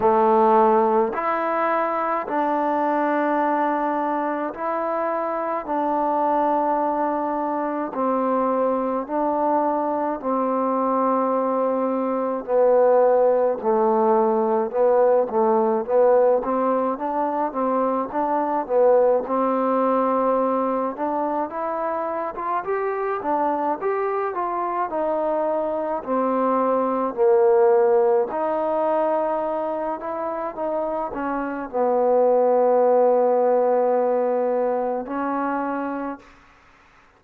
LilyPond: \new Staff \with { instrumentName = "trombone" } { \time 4/4 \tempo 4 = 53 a4 e'4 d'2 | e'4 d'2 c'4 | d'4 c'2 b4 | a4 b8 a8 b8 c'8 d'8 c'8 |
d'8 b8 c'4. d'8 e'8. f'16 | g'8 d'8 g'8 f'8 dis'4 c'4 | ais4 dis'4. e'8 dis'8 cis'8 | b2. cis'4 | }